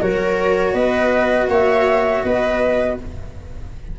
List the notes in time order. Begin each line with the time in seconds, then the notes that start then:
0.00 F#3 F#4 A#4 C#5
0.73 B3 B4 D#5
1.48 A#3 C#5 E5
2.23 B3 B4 D#5